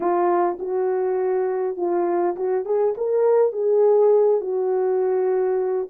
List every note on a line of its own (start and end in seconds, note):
0.00 0.57 F4
0.59 1.76 F#4
1.76 2.35 F4
2.36 2.65 F#4
2.65 2.94 G#4
2.97 3.52 A#4
3.52 4.40 G#4
4.40 5.87 F#4